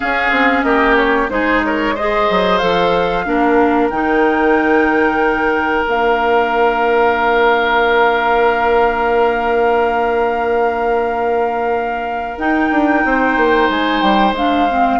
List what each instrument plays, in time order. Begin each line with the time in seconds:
0.00 clarinet C#4, bassoon C#4, oboe G#4, flute F5
0.30 bassoon C4
0.62 bassoon A#3, oboe G4, flute D#5
0.96 flute C#5
1.29 bassoon G#3, clarinet D#4, oboe G#4, flute C5
1.64 oboe A#4, flute C#5
1.95 clarinet G#4, oboe C5, flute D#5
2.30 bassoon F#3
2.58 bassoon F3, clarinet A4, flute F5
3.25 bassoon A#3, clarinet D4, oboe A#4
3.89 bassoon D#3, clarinet D#4, flute G5
5.84 bassoon A#3, clarinet D4, flute F5
12.37 bassoon D#4, clarinet D#4, flute G5
12.71 bassoon D4
13.04 bassoon C4, oboe C5
13.36 bassoon A#3
13.69 bassoon G#3, flute G#5
14.01 bassoon G3, flute G5
14.32 bassoon G#3, clarinet D4, flute F5
14.69 clarinet C4